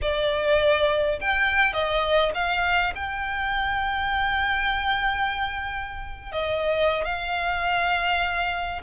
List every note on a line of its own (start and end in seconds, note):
0.01 1.19 D5
1.20 1.73 G5
1.73 2.32 D#5
2.34 2.93 F5
2.95 6.32 G5
6.32 7.04 D#5
7.04 8.81 F5